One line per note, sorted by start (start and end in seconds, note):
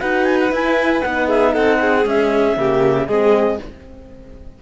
0.00 0.52 D#4
0.00 0.51 F#4
0.00 1.27 B4
0.00 0.25 F#5
0.25 0.38 G#5
0.40 0.53 F#5
0.52 1.03 E4
0.52 1.04 E4
0.52 1.03 G#5
1.03 1.57 B3
1.03 2.04 D#4
1.03 1.28 F#5
1.27 1.52 G#4
1.27 1.54 E5
1.53 2.06 C4
1.53 1.79 A4
1.53 2.06 F#5
1.81 2.58 G#4
2.04 2.55 G#3
2.04 2.57 C#4
2.04 3.08 E5
2.56 3.08 C#3
2.56 3.07 A#3
2.56 3.08 G4
3.08 3.59 G#3
3.08 3.62 C4
3.08 3.59 G#4
3.08 3.59 D#5